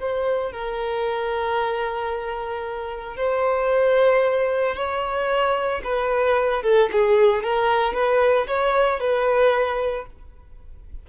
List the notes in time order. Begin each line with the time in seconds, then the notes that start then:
0.00 C5
0.52 A#4
3.17 C5
4.76 C#5
5.84 B4
6.63 A4
6.92 G#4
7.44 A#4
7.94 B4
8.47 C#5
9.00 B4